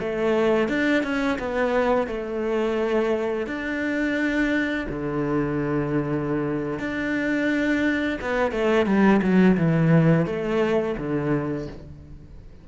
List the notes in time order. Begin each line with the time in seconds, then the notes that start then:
0.00 A3
0.69 D4
1.03 C#4
1.39 B3
2.08 A3
3.47 D4
4.90 D3
6.80 D4
8.22 B3
8.52 A3
8.86 G3
9.23 F#3
9.58 E3
10.26 A3
10.98 D3